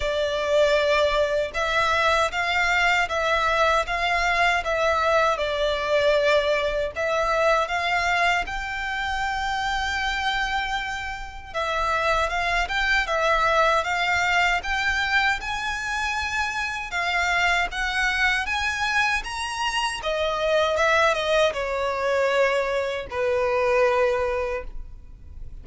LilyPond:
\new Staff \with { instrumentName = "violin" } { \time 4/4 \tempo 4 = 78 d''2 e''4 f''4 | e''4 f''4 e''4 d''4~ | d''4 e''4 f''4 g''4~ | g''2. e''4 |
f''8 g''8 e''4 f''4 g''4 | gis''2 f''4 fis''4 | gis''4 ais''4 dis''4 e''8 dis''8 | cis''2 b'2 | }